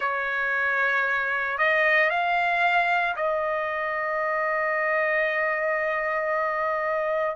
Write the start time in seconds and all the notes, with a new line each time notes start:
0.00 C#5
1.57 D#5
2.10 F5
3.16 D#5